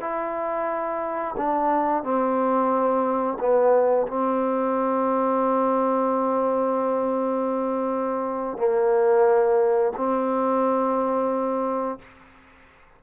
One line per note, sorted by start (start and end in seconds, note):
0.00 1.35 E4
1.37 2.03 D4
2.03 3.38 C4
3.39 4.07 B3
4.07 8.57 C4
8.57 9.92 A#3
9.97 11.99 C4